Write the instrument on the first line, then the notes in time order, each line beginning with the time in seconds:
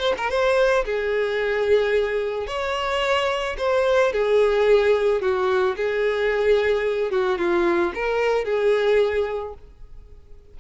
violin
0.00 C5
0.18 A#4
0.30 C5
0.85 G#4
2.47 C#5
3.59 C5
4.13 G#4
5.22 F#4
5.77 G#4
7.12 F#4
7.39 F4
7.95 A#4
8.45 G#4